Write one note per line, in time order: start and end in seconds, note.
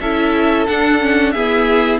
0.00 0.67 C#4
0.00 0.68 E4
0.00 1.33 A4
0.00 0.66 E5
0.66 1.00 D4
0.66 1.35 D4
0.66 1.31 F#5
1.00 1.34 C#4
1.31 2.00 B3
1.31 2.00 E4
1.31 2.00 G#4
1.31 1.98 E5